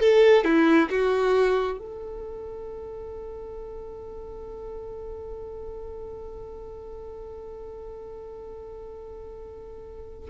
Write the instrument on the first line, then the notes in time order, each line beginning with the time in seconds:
violin
0.00 A4
0.44 E4
0.90 F#4
1.78 A4